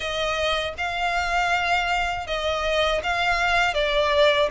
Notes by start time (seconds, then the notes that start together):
0.00 D#5
0.77 F5
2.26 D#5
3.03 F5
3.74 D5